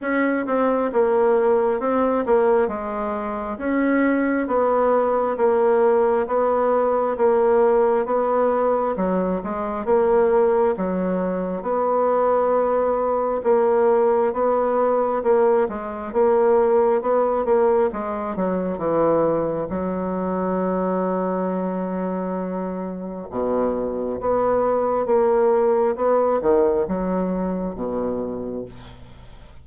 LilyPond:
\new Staff \with { instrumentName = "bassoon" } { \time 4/4 \tempo 4 = 67 cis'8 c'8 ais4 c'8 ais8 gis4 | cis'4 b4 ais4 b4 | ais4 b4 fis8 gis8 ais4 | fis4 b2 ais4 |
b4 ais8 gis8 ais4 b8 ais8 | gis8 fis8 e4 fis2~ | fis2 b,4 b4 | ais4 b8 dis8 fis4 b,4 | }